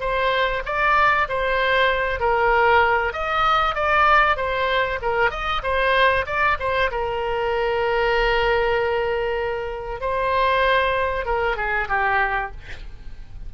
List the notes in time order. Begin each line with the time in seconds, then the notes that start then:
0.00 C5
0.65 D5
1.28 C5
2.20 A#4
3.12 D#5
3.75 D5
4.36 C5
5.01 A#4
5.30 D#5
5.63 C5
6.26 D5
6.59 C5
6.91 A#4
10.00 C5
11.25 A#4
11.56 G#4
11.89 G4